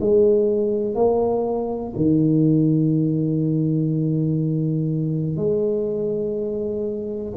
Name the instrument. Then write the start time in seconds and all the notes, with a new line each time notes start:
tuba
0.00 G#3
0.95 A#3
1.96 D#3
5.36 G#3